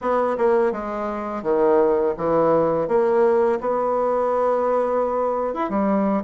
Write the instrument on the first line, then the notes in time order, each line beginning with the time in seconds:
bassoon
0.01 B3
0.37 A#3
0.72 G#3
1.43 D#3
2.17 E3
2.87 A#3
3.60 B3
5.54 E4
5.69 G3